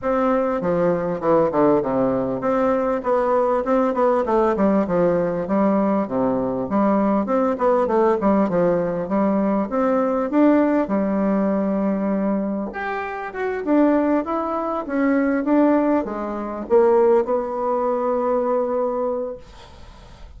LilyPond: \new Staff \with { instrumentName = "bassoon" } { \time 4/4 \tempo 4 = 99 c'4 f4 e8 d8 c4 | c'4 b4 c'8 b8 a8 g8 | f4 g4 c4 g4 | c'8 b8 a8 g8 f4 g4 |
c'4 d'4 g2~ | g4 g'4 fis'8 d'4 e'8~ | e'8 cis'4 d'4 gis4 ais8~ | ais8 b2.~ b8 | }